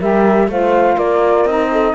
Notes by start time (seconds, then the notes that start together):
0.00 G3 G4 A#4 E5
0.48 A3 F4 C5 F5
0.96 A#3 A#4 D5
1.45 C4 D#4 D#5
1.72 A4